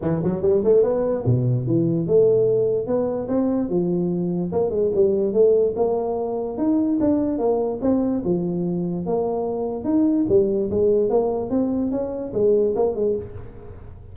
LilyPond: \new Staff \with { instrumentName = "tuba" } { \time 4/4 \tempo 4 = 146 e8 fis8 g8 a8 b4 b,4 | e4 a2 b4 | c'4 f2 ais8 gis8 | g4 a4 ais2 |
dis'4 d'4 ais4 c'4 | f2 ais2 | dis'4 g4 gis4 ais4 | c'4 cis'4 gis4 ais8 gis8 | }